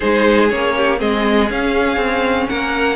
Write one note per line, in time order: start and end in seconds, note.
0.00 0.52 G#3
0.00 0.49 D#4
0.00 0.74 G#4
0.00 0.49 C5
0.49 1.00 A#3
0.49 0.97 C#4
0.49 0.99 C#5
0.76 0.99 G4
0.97 1.50 G#3
0.97 1.46 C4
0.97 2.47 G#4
0.97 1.49 D#5
1.49 2.96 C#4
1.49 1.96 C#4
1.49 2.48 F5
1.96 2.46 C4
2.48 2.96 A#3
2.48 2.96 A#4
2.48 2.96 F#5